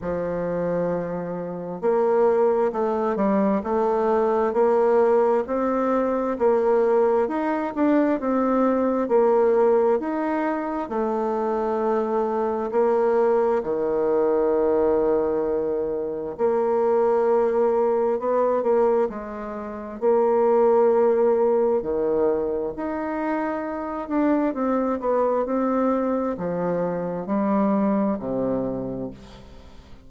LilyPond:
\new Staff \with { instrumentName = "bassoon" } { \time 4/4 \tempo 4 = 66 f2 ais4 a8 g8 | a4 ais4 c'4 ais4 | dis'8 d'8 c'4 ais4 dis'4 | a2 ais4 dis4~ |
dis2 ais2 | b8 ais8 gis4 ais2 | dis4 dis'4. d'8 c'8 b8 | c'4 f4 g4 c4 | }